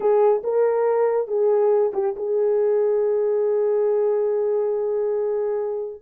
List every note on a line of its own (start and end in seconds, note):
0.00 0.42 G#4
0.43 1.27 A#4
1.27 1.92 G#4
1.93 2.15 G4
2.16 6.01 G#4